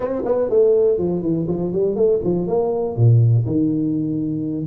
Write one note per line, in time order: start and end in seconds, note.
0.00 0.22 C4
0.25 0.49 B3
0.49 0.97 A3
0.97 1.22 F3
1.22 1.46 E3
1.48 1.72 F3
1.72 1.95 G3
1.95 2.20 A3
2.23 2.47 F3
2.47 2.96 A#3
2.96 3.45 A#2
3.46 4.66 D#3